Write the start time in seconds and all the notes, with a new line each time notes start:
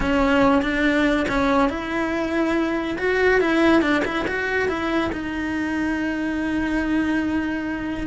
0.00 C#4
0.62 D4
1.28 C#4
1.69 E4
2.98 F#4
3.40 E4
3.81 D4
4.04 E4
4.27 F#4
4.68 E4
5.12 D#4